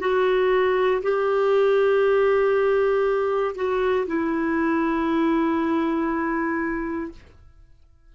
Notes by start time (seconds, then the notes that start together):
0.00 F#4
1.03 G4
3.55 F#4
4.07 E4